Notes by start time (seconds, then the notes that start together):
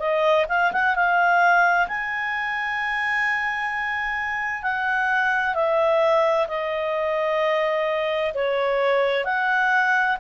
0.00 D#5
0.49 F5
0.73 F#5
0.96 F5
1.88 G#5
4.63 F#5
5.55 E5
6.49 D#5
8.35 C#5
9.25 F#5